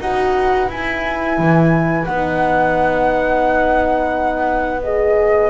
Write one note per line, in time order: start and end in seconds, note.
0.00 0.69 D#4
0.00 0.69 F#4
0.00 5.50 B4
0.00 0.70 F#5
0.69 2.07 E4
0.69 1.38 E4
0.69 2.05 G#5
1.38 2.07 E3
2.05 5.50 B3
2.05 4.83 D#4
2.05 4.81 F#5
4.83 5.50 G#4
4.83 5.50 D#5